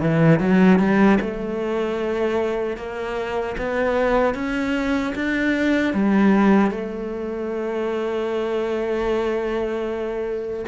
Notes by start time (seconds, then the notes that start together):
0.00 E3
0.39 F#3
0.79 G3
1.21 A3
2.77 A#3
3.57 B3
4.34 C#4
5.15 D4
5.93 G3
6.71 A3